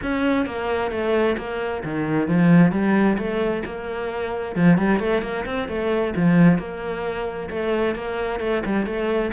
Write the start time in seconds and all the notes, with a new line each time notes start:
0.02 C#4
0.45 A#3
0.91 A3
1.37 A#3
1.83 D#3
2.27 F3
2.71 G3
3.18 A3
3.65 A#3
4.55 F3
4.77 G3
4.99 A3
5.21 A#3
5.45 C4
5.68 A3
6.16 F3
6.58 A#3
7.49 A3
7.95 A#3
8.39 A3
8.65 G3
8.86 A3